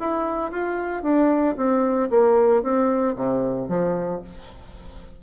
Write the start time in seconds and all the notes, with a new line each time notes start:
0.00 E4
0.51 F4
1.03 D4
1.57 C4
2.11 A#3
2.63 C4
3.16 C3
3.69 F3